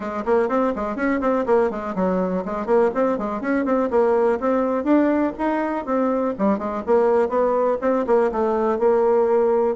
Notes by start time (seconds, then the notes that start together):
0.00 G#3
0.25 A#3
0.49 C4
0.75 G#3
0.96 C#4
1.20 C4
1.45 A#3
1.70 G#3
1.95 F#3
2.45 G#3
2.66 A#3
2.94 C4
3.18 G#3
3.41 C#4
3.65 C4
3.90 A#3
4.40 C4
4.84 D4
5.38 D#4
5.85 C4
6.38 G3
6.58 G#3
6.86 A#3
7.28 B3
7.81 C4
8.06 A#3
8.31 A3
8.78 A#3